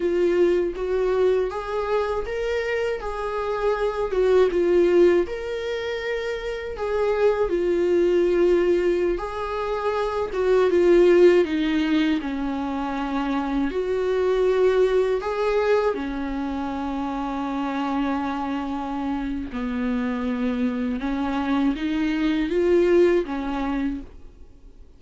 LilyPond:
\new Staff \with { instrumentName = "viola" } { \time 4/4 \tempo 4 = 80 f'4 fis'4 gis'4 ais'4 | gis'4. fis'8 f'4 ais'4~ | ais'4 gis'4 f'2~ | f'16 gis'4. fis'8 f'4 dis'8.~ |
dis'16 cis'2 fis'4.~ fis'16~ | fis'16 gis'4 cis'2~ cis'8.~ | cis'2 b2 | cis'4 dis'4 f'4 cis'4 | }